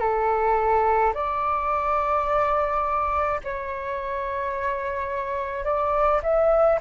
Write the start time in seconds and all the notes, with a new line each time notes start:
0.00 A4
1.14 D5
3.44 C#5
5.64 D5
6.23 E5